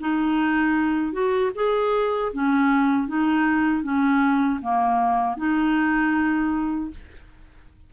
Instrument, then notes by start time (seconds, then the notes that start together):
clarinet
0.00 D#4
1.12 F#4
1.55 G#4
2.33 C#4
3.08 D#4
3.83 C#4
4.61 A#3
5.37 D#4